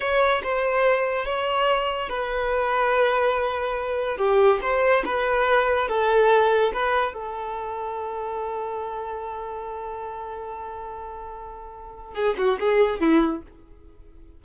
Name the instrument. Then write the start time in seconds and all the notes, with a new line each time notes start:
violin
0.00 C#5
0.43 C5
1.25 C#5
2.09 B4
4.17 G4
4.61 C5
5.05 B4
5.88 A4
6.73 B4
7.13 A4
12.14 G#4
12.37 F#4
12.59 G#4
13.00 E4